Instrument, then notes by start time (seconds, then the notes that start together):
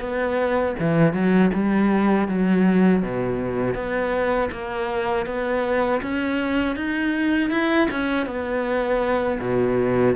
cello
0.00 B3
0.79 E3
1.13 F#3
1.53 G3
2.27 F#3
3.02 B2
3.74 B3
4.51 A#3
5.25 B3
6.02 C#4
6.75 D#4
7.50 E4
7.90 C#4
8.26 B3
9.40 B2